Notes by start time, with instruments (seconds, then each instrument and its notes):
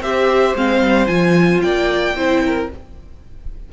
0.00 cello C4, viola G4, violin C5 E5
0.54 cello G#3, viola C4, violin F5
0.80 cello G3
1.07 cello F3, viola F4, violin G#5
1.61 cello A#3, violin D5 G5
2.15 cello C4, viola E4, violin C5
2.46 violin A#4